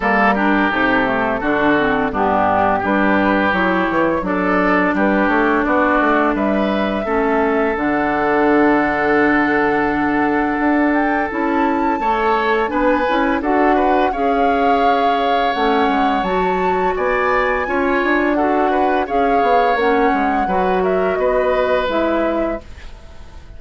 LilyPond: <<
  \new Staff \with { instrumentName = "flute" } { \time 4/4 \tempo 4 = 85 ais'4 a'2 g'4 | b'4 cis''4 d''4 b'8 cis''8 | d''4 e''2 fis''4~ | fis''2.~ fis''8 g''8 |
a''2 gis''4 fis''4 | f''2 fis''4 a''4 | gis''2 fis''4 f''4 | fis''4. e''8 dis''4 e''4 | }
  \new Staff \with { instrumentName = "oboe" } { \time 4/4 a'8 g'4. fis'4 d'4 | g'2 a'4 g'4 | fis'4 b'4 a'2~ | a'1~ |
a'4 cis''4 b'4 a'8 b'8 | cis''1 | d''4 cis''4 a'8 b'8 cis''4~ | cis''4 b'8 ais'8 b'2 | }
  \new Staff \with { instrumentName = "clarinet" } { \time 4/4 ais8 d'8 dis'8 a8 d'8 c'8 b4 | d'4 e'4 d'2~ | d'2 cis'4 d'4~ | d'1 |
e'4 a'4 d'8 e'8 fis'4 | gis'2 cis'4 fis'4~ | fis'4 f'4 fis'4 gis'4 | cis'4 fis'2 e'4 | }
  \new Staff \with { instrumentName = "bassoon" } { \time 4/4 g4 c4 d4 g,4 | g4 fis8 e8 fis4 g8 a8 | b8 a8 g4 a4 d4~ | d2. d'4 |
cis'4 a4 b8 cis'8 d'4 | cis'2 a8 gis8 fis4 | b4 cis'8 d'4. cis'8 b8 | ais8 gis8 fis4 b4 gis4 | }
>>